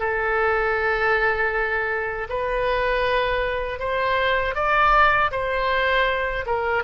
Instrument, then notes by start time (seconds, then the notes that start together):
oboe
0.00 A4
2.30 B4
3.80 C5
4.55 D5
5.32 C5
6.46 A#4